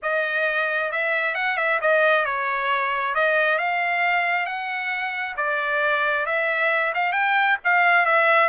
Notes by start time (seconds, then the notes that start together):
0.02 D#5
0.91 E5
1.34 F#5
1.57 E5
1.81 D#5
2.25 C#5
3.14 D#5
3.58 F5
4.46 F#5
5.36 D5
6.26 E5
6.94 F5
7.12 G5
7.64 F5
8.05 E5